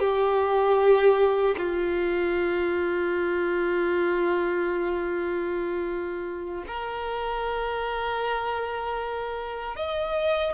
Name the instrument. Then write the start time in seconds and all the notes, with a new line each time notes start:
violin
0.00 G4
1.58 F4
6.68 A#4
9.77 D#5